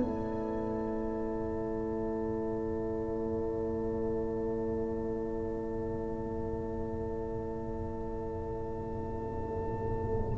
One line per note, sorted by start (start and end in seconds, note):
0.00 10.38 A3
0.00 10.38 E4
0.00 10.38 C#5
0.00 10.38 A5